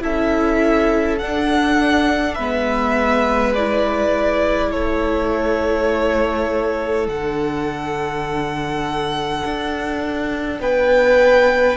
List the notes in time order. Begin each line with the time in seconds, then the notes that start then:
0.00 C#4 E4 A4 E5
1.18 D4 F#5
2.34 G#3 B3 B4 E5
3.54 E4 D5
4.70 A3 A4 C#5
7.07 D3 D4 F#5
9.44 D4
10.60 B3 B4 G5